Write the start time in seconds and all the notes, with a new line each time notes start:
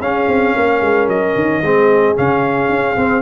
0.00 C#4 G#4 F5
0.28 C4
0.56 A#3 A#4
0.81 G#3
1.07 F#3 D#5
1.35 D#3
1.62 G#3 C4 G#4
2.15 C#3 C#4 F5
2.69 C#4
2.96 C4